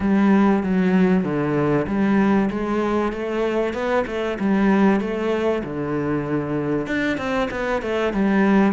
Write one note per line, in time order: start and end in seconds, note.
0.00 0.62 G3
0.63 1.23 F#3
1.23 1.86 D3
1.87 2.49 G3
2.50 3.12 G#3
3.12 3.73 A3
3.73 4.05 B3
4.06 4.38 A3
4.39 5.00 G3
5.00 5.62 A3
5.63 6.87 D3
6.87 7.17 D4
7.17 7.48 C4
7.50 7.82 B3
7.82 8.13 A3
8.13 8.72 G3